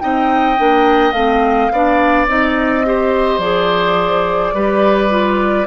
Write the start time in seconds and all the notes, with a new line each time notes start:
0.00 C4 D#4 D#5 G5
0.57 A#3 D4
1.13 A3 C4 F5
1.72 B3 D4 D5
2.28 C4 D#4 D#5
2.85 G4 C5
3.38 F3 G#4 D5
4.54 G3 G4 B4
5.10 F4